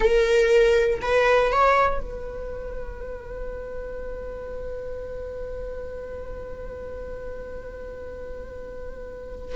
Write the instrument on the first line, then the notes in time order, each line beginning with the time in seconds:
viola
0.00 A#4
1.01 B4
1.51 C#5
2.00 B4